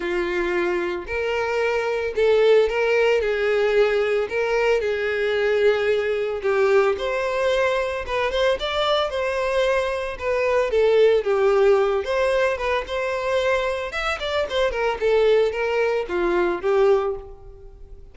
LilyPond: \new Staff \with { instrumentName = "violin" } { \time 4/4 \tempo 4 = 112 f'2 ais'2 | a'4 ais'4 gis'2 | ais'4 gis'2. | g'4 c''2 b'8 c''8 |
d''4 c''2 b'4 | a'4 g'4. c''4 b'8 | c''2 e''8 d''8 c''8 ais'8 | a'4 ais'4 f'4 g'4 | }